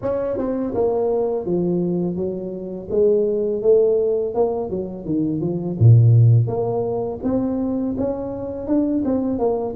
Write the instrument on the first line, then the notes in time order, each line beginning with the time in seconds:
tuba
0.02 C#4
0.37 C4
0.74 A#3
1.45 F3
2.16 F#3
2.90 G#3
3.61 A3
4.34 A#3
4.70 F#3
5.05 D#3
5.40 F3
5.79 A#2
6.47 A#3
7.23 C4
7.97 C#4
8.67 D4
9.04 C4
9.38 A#3